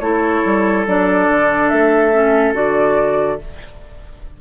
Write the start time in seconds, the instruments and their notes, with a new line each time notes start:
0.00 bassoon A3, clarinet E4, oboe A4, flute C#5
0.44 bassoon G3
0.86 bassoon F#3, clarinet D4, flute D5
1.28 bassoon D3
1.68 bassoon A3, flute E5
2.12 clarinet C#4
2.53 bassoon D3, clarinet F#4, flute D5